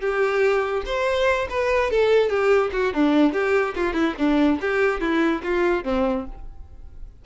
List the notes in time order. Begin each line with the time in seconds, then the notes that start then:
0.00 G4
0.86 C5
1.50 B4
1.91 A4
2.29 G4
2.73 F#4
2.94 D4
3.33 G4
3.76 F4
3.93 E4
4.18 D4
4.61 G4
5.01 E4
5.43 F4
5.84 C4